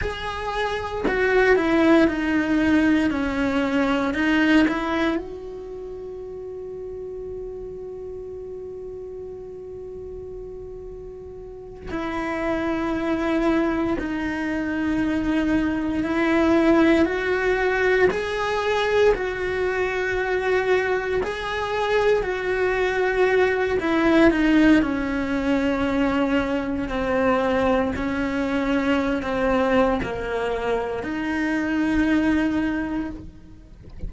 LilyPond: \new Staff \with { instrumentName = "cello" } { \time 4/4 \tempo 4 = 58 gis'4 fis'8 e'8 dis'4 cis'4 | dis'8 e'8 fis'2.~ | fis'2.~ fis'8 e'8~ | e'4. dis'2 e'8~ |
e'8 fis'4 gis'4 fis'4.~ | fis'8 gis'4 fis'4. e'8 dis'8 | cis'2 c'4 cis'4~ | cis'16 c'8. ais4 dis'2 | }